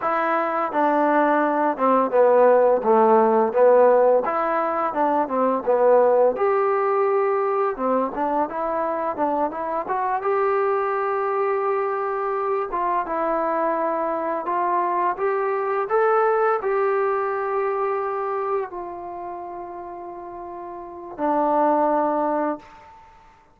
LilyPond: \new Staff \with { instrumentName = "trombone" } { \time 4/4 \tempo 4 = 85 e'4 d'4. c'8 b4 | a4 b4 e'4 d'8 c'8 | b4 g'2 c'8 d'8 | e'4 d'8 e'8 fis'8 g'4.~ |
g'2 f'8 e'4.~ | e'8 f'4 g'4 a'4 g'8~ | g'2~ g'8 f'4.~ | f'2 d'2 | }